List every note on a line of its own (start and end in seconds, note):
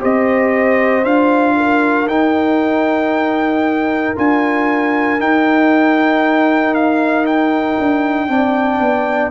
0.00 1.04 C4
0.00 1.04 G4
0.00 1.55 C5
0.00 1.05 D#5
1.04 2.07 D4
1.04 2.08 F4
1.04 2.08 F5
1.57 8.29 A#4
2.07 4.14 D#4
2.07 4.16 D#4
2.07 4.16 G5
4.16 5.19 D4
4.16 5.19 F4
4.16 5.21 G#5
5.19 8.28 D#4
5.19 7.78 D#4
5.19 6.74 G5
6.74 7.26 F5
7.27 9.31 G5
7.79 8.29 D4
8.28 8.80 C4
8.28 9.31 D4
8.28 9.31 D5
8.80 9.31 B3